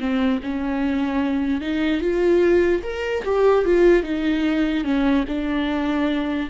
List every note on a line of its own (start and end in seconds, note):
0.00 0.41 C4
0.43 1.61 C#4
1.61 2.01 D#4
2.01 2.82 F4
2.83 3.24 A#4
3.25 3.65 G4
3.65 4.03 F4
4.03 4.84 D#4
4.84 5.25 C#4
5.28 6.50 D4